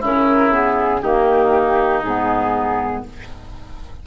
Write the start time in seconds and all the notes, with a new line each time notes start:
0.00 C#3 C#4 E4 A#4
0.51 B3 G#4
1.02 D#3 A#3 D#4 G4
2.03 G#2 B3 G#4